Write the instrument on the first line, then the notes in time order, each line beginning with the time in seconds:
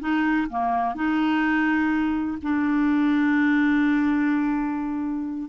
clarinet
0.00 D#4
0.50 A#3
0.95 D#4
2.42 D4